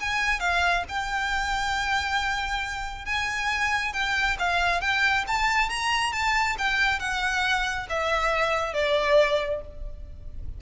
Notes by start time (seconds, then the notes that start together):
0.00 G#5
0.40 F5
0.88 G5
3.05 G#5
3.93 G5
4.39 F5
4.81 G5
5.27 A5
5.69 A#5
6.12 A5
6.58 G5
6.99 F#5
7.89 E5
8.73 D5